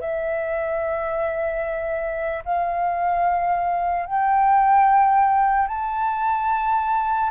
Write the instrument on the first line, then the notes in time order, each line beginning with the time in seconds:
flute
0.00 E5
2.45 F5
4.06 G5
5.68 A5